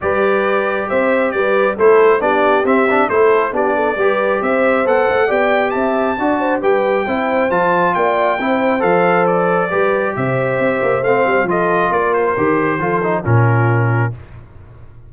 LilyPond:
<<
  \new Staff \with { instrumentName = "trumpet" } { \time 4/4 \tempo 4 = 136 d''2 e''4 d''4 | c''4 d''4 e''4 c''4 | d''2 e''4 fis''4 | g''4 a''2 g''4~ |
g''4 a''4 g''2 | f''4 d''2 e''4~ | e''4 f''4 dis''4 d''8 c''8~ | c''2 ais'2 | }
  \new Staff \with { instrumentName = "horn" } { \time 4/4 b'2 c''4 b'4 | a'4 g'2 a'4 | g'8 a'8 b'4 c''2 | d''4 e''4 d''8 c''8 b'4 |
c''2 d''4 c''4~ | c''2 b'4 c''4~ | c''2 a'4 ais'4~ | ais'4 a'4 f'2 | }
  \new Staff \with { instrumentName = "trombone" } { \time 4/4 g'1 | e'4 d'4 c'8 d'8 e'4 | d'4 g'2 a'4 | g'2 fis'4 g'4 |
e'4 f'2 e'4 | a'2 g'2~ | g'4 c'4 f'2 | g'4 f'8 dis'8 cis'2 | }
  \new Staff \with { instrumentName = "tuba" } { \time 4/4 g2 c'4 g4 | a4 b4 c'4 a4 | b4 g4 c'4 b8 a8 | b4 c'4 d'4 g4 |
c'4 f4 ais4 c'4 | f2 g4 c4 | c'8 ais8 a8 g8 f4 ais4 | dis4 f4 ais,2 | }
>>